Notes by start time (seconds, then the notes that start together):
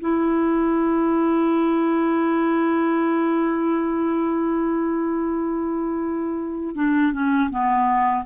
0.00 E4
6.75 D4
7.12 C#4
7.50 B3